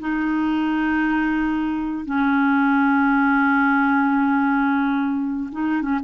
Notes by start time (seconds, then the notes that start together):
0.00 D#4
2.05 C#4
5.52 D#4
5.82 C#4